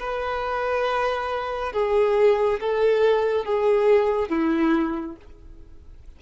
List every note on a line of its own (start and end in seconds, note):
0.00 1.73 B4
1.73 2.60 G#4
2.61 3.45 A4
3.45 4.30 G#4
4.30 5.17 E4